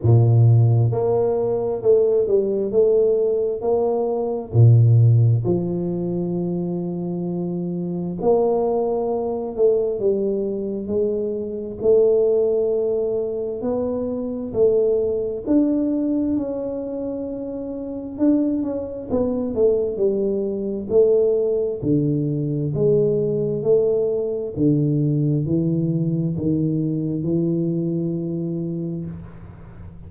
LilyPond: \new Staff \with { instrumentName = "tuba" } { \time 4/4 \tempo 4 = 66 ais,4 ais4 a8 g8 a4 | ais4 ais,4 f2~ | f4 ais4. a8 g4 | gis4 a2 b4 |
a4 d'4 cis'2 | d'8 cis'8 b8 a8 g4 a4 | d4 gis4 a4 d4 | e4 dis4 e2 | }